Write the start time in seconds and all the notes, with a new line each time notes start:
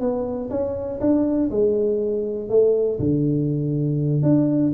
0.00 B3
0.50 C#4
1.01 D4
1.51 G#3
2.49 A3
2.99 D3
4.22 D4